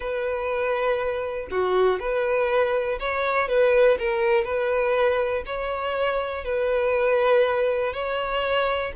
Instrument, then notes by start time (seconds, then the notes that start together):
violin
0.00 B4
1.51 F#4
1.99 B4
2.99 C#5
3.48 B4
3.98 A#4
4.44 B4
5.46 C#5
6.44 B4
7.93 C#5